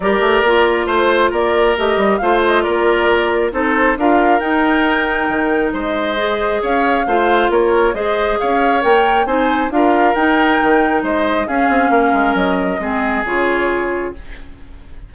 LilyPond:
<<
  \new Staff \with { instrumentName = "flute" } { \time 4/4 \tempo 4 = 136 d''2 c''4 d''4 | dis''4 f''8 dis''8 d''2 | c''4 f''4 g''2~ | g''4 dis''2 f''4~ |
f''4 cis''4 dis''4 f''4 | g''4 gis''4 f''4 g''4~ | g''4 dis''4 f''2 | dis''2 cis''2 | }
  \new Staff \with { instrumentName = "oboe" } { \time 4/4 ais'2 c''4 ais'4~ | ais'4 c''4 ais'2 | a'4 ais'2.~ | ais'4 c''2 cis''4 |
c''4 ais'4 c''4 cis''4~ | cis''4 c''4 ais'2~ | ais'4 c''4 gis'4 ais'4~ | ais'4 gis'2. | }
  \new Staff \with { instrumentName = "clarinet" } { \time 4/4 g'4 f'2. | g'4 f'2. | dis'4 f'4 dis'2~ | dis'2 gis'2 |
f'2 gis'2 | ais'4 dis'4 f'4 dis'4~ | dis'2 cis'2~ | cis'4 c'4 f'2 | }
  \new Staff \with { instrumentName = "bassoon" } { \time 4/4 g8 a8 ais4 a4 ais4 | a8 g8 a4 ais2 | c'4 d'4 dis'2 | dis4 gis2 cis'4 |
a4 ais4 gis4 cis'4 | ais4 c'4 d'4 dis'4 | dis4 gis4 cis'8 c'8 ais8 gis8 | fis4 gis4 cis2 | }
>>